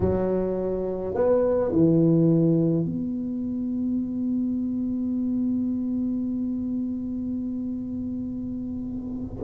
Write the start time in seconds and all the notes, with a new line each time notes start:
0.00 F#3
1.14 B3
1.71 E3
2.85 B3